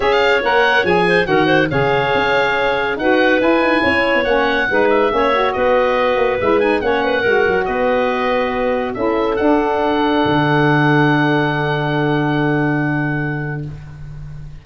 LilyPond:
<<
  \new Staff \with { instrumentName = "oboe" } { \time 4/4 \tempo 4 = 141 f''4 fis''4 gis''4 fis''4 | f''2. fis''4 | gis''2 fis''4. e''8~ | e''4 dis''2 e''8 gis''8 |
fis''2 dis''2~ | dis''4 e''4 fis''2~ | fis''1~ | fis''1 | }
  \new Staff \with { instrumentName = "clarinet" } { \time 4/4 cis''2~ cis''8 c''8 ais'8 c''8 | cis''2. b'4~ | b'4 cis''2 b'4 | cis''4 b'2. |
cis''8 b'8 ais'4 b'2~ | b'4 a'2.~ | a'1~ | a'1 | }
  \new Staff \with { instrumentName = "saxophone" } { \time 4/4 gis'4 ais'4 gis'4 fis'4 | gis'2. fis'4 | e'2 cis'4 dis'4 | cis'8 fis'2~ fis'8 e'8 dis'8 |
cis'4 fis'2.~ | fis'4 e'4 d'2~ | d'1~ | d'1 | }
  \new Staff \with { instrumentName = "tuba" } { \time 4/4 cis'4 ais4 f4 dis4 | cis4 cis'2 dis'4 | e'8 dis'8 cis'8. b16 ais4 gis4 | ais4 b4. ais8 gis4 |
ais4 gis8 fis8 b2~ | b4 cis'4 d'2 | d1~ | d1 | }
>>